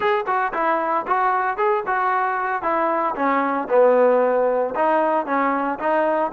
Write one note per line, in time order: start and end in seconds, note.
0.00 0.25 G#4
0.26 0.53 F#4
0.53 1.06 E4
1.07 1.57 F#4
1.57 1.83 G#4
1.86 2.62 F#4
2.62 3.14 E4
3.15 3.68 C#4
3.69 4.74 B3
4.75 5.26 D#4
5.26 5.78 C#4
5.79 6.31 D#4